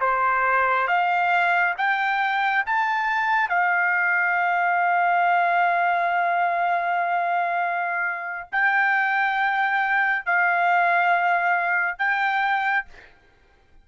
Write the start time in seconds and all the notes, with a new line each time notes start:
0.00 C5
0.87 F5
1.77 G5
2.66 A5
3.48 F5
8.51 G5
10.25 F5
11.98 G5